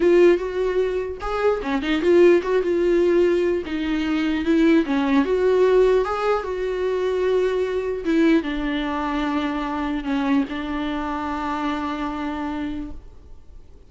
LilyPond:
\new Staff \with { instrumentName = "viola" } { \time 4/4 \tempo 4 = 149 f'4 fis'2 gis'4 | cis'8 dis'8 f'4 fis'8 f'4.~ | f'4 dis'2 e'4 | cis'4 fis'2 gis'4 |
fis'1 | e'4 d'2.~ | d'4 cis'4 d'2~ | d'1 | }